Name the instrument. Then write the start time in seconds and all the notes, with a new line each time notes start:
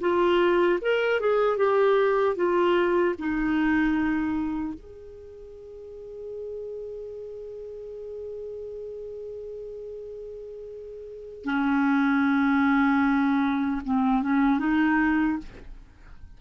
clarinet
0.00 F4
0.81 A#4
1.20 G#4
1.57 G4
2.36 F4
3.18 D#4
4.74 G#4
11.44 C#4
13.84 C4
14.22 C#4
14.59 D#4